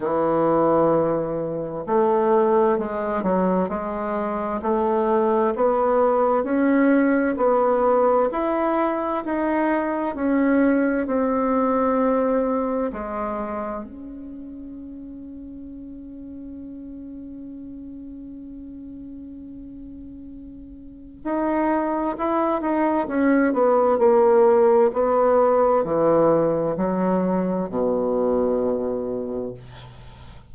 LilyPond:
\new Staff \with { instrumentName = "bassoon" } { \time 4/4 \tempo 4 = 65 e2 a4 gis8 fis8 | gis4 a4 b4 cis'4 | b4 e'4 dis'4 cis'4 | c'2 gis4 cis'4~ |
cis'1~ | cis'2. dis'4 | e'8 dis'8 cis'8 b8 ais4 b4 | e4 fis4 b,2 | }